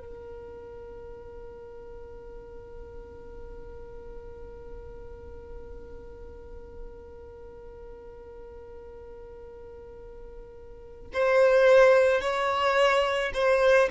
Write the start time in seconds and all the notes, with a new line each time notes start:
0.00 A#4
11.14 C5
12.22 C#5
13.34 C5